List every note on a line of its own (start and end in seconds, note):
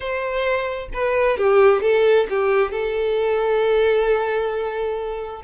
0.00 0.88 C5
0.93 1.37 B4
1.37 1.81 G4
1.81 2.26 A4
2.29 2.71 G4
2.71 5.42 A4